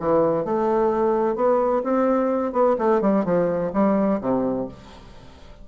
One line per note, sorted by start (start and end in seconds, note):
0.00 0.45 E3
0.45 1.36 A3
1.36 1.83 B3
1.84 2.53 C4
2.53 2.76 B3
2.79 3.02 A3
3.02 3.25 G3
3.25 3.72 F3
3.74 4.21 G3
4.21 4.68 C3